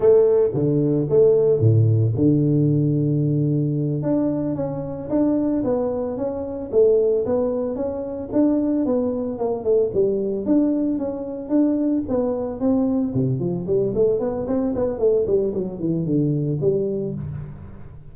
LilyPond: \new Staff \with { instrumentName = "tuba" } { \time 4/4 \tempo 4 = 112 a4 d4 a4 a,4 | d2.~ d8 d'8~ | d'8 cis'4 d'4 b4 cis'8~ | cis'8 a4 b4 cis'4 d'8~ |
d'8 b4 ais8 a8 g4 d'8~ | d'8 cis'4 d'4 b4 c'8~ | c'8 c8 f8 g8 a8 b8 c'8 b8 | a8 g8 fis8 e8 d4 g4 | }